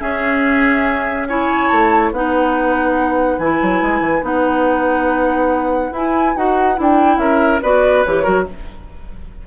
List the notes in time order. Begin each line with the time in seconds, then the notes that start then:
0.00 C#4 G#4 E5
1.28 E4 C#5 G#5
1.68 A3 A5
2.12 B3 D#4 B4 F#5
3.39 E3 E4 G#5
3.62 F#3
3.82 G#3
4.01 E3
4.22 B3 D#4 F#5
5.92 E4 G#5
6.37 D#4 F#4 F#5
6.75 D4 E4
6.82 G5
7.17 C#4 A#4 E5
7.62 B3 F#4 B4 D5
8.04 E3 G4 C#5
8.23 F#3 F#4 A#4